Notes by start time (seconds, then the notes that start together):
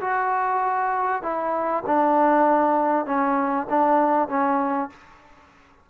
0.00 F#4
1.22 E4
1.86 D4
3.05 C#4
3.69 D4
4.28 C#4